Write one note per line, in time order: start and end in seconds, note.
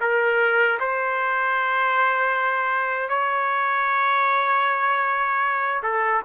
0.00 0.78 A#4
0.79 3.09 C5
3.09 5.81 C#5
5.83 6.22 A4